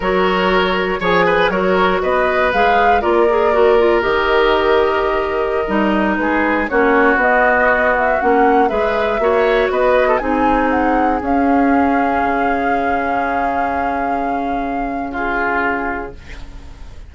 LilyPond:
<<
  \new Staff \with { instrumentName = "flute" } { \time 4/4 \tempo 4 = 119 cis''2 gis''4 cis''4 | dis''4 f''4 d''2 | dis''1~ | dis''16 b'4 cis''4 dis''4. e''16~ |
e''16 fis''4 e''2 dis''8.~ | dis''16 gis''4 fis''4 f''4.~ f''16~ | f''1~ | f''2 gis'2 | }
  \new Staff \with { instrumentName = "oboe" } { \time 4/4 ais'2 cis''8 b'8 ais'4 | b'2 ais'2~ | ais'1~ | ais'16 gis'4 fis'2~ fis'8.~ |
fis'4~ fis'16 b'4 cis''4 b'8. | a'16 gis'2.~ gis'8.~ | gis'1~ | gis'2 f'2 | }
  \new Staff \with { instrumentName = "clarinet" } { \time 4/4 fis'2 gis'4 fis'4~ | fis'4 gis'4 f'8 gis'8 fis'8 f'8 | g'2.~ g'16 dis'8.~ | dis'4~ dis'16 cis'4 b4.~ b16~ |
b16 cis'4 gis'4 fis'4.~ fis'16~ | fis'16 dis'2 cis'4.~ cis'16~ | cis'1~ | cis'1 | }
  \new Staff \with { instrumentName = "bassoon" } { \time 4/4 fis2 f4 fis4 | b4 gis4 ais2 | dis2.~ dis16 g8.~ | g16 gis4 ais4 b4.~ b16~ |
b16 ais4 gis4 ais4 b8.~ | b16 c'2 cis'4.~ cis'16~ | cis'16 cis2.~ cis8.~ | cis1 | }
>>